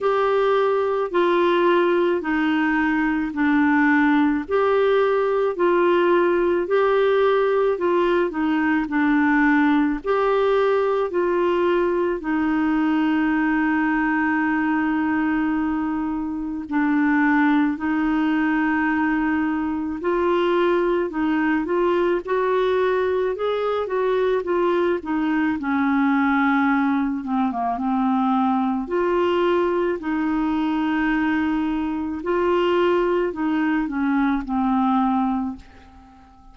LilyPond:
\new Staff \with { instrumentName = "clarinet" } { \time 4/4 \tempo 4 = 54 g'4 f'4 dis'4 d'4 | g'4 f'4 g'4 f'8 dis'8 | d'4 g'4 f'4 dis'4~ | dis'2. d'4 |
dis'2 f'4 dis'8 f'8 | fis'4 gis'8 fis'8 f'8 dis'8 cis'4~ | cis'8 c'16 ais16 c'4 f'4 dis'4~ | dis'4 f'4 dis'8 cis'8 c'4 | }